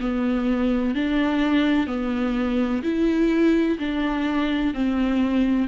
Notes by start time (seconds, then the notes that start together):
0.00 B3
0.95 D4
1.87 B3
2.83 E4
3.79 D4
4.74 C4